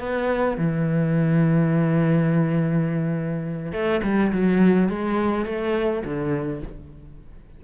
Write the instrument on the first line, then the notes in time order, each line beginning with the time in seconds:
cello
0.00 B3
0.58 E3
3.72 A3
4.03 G3
4.32 F#3
4.89 G#3
5.45 A3
6.05 D3